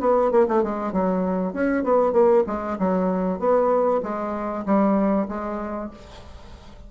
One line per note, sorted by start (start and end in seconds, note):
0.00 0.31 B3
0.31 0.46 A#3
0.48 0.63 A3
0.63 0.92 G#3
0.92 1.53 F#3
1.53 1.84 C#4
1.84 2.12 B3
2.12 2.43 A#3
2.47 2.78 G#3
2.79 3.39 F#3
3.39 4.01 B3
4.03 4.64 G#3
4.65 5.27 G3
5.28 5.90 G#3